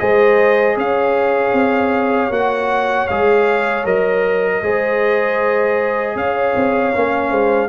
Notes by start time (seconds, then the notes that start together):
0.00 G#3 G#4 C5 D#5
0.77 C#4 C#5 F5
1.54 C4
2.30 A#3 F#4 F#5
3.08 G#3 G#4 F5
3.85 F#3 A#4 D#5
4.63 G#3 G#4 C5
6.16 C#4 C#5 F5
6.56 C4
6.96 A#3 C#4
7.30 G#3 C5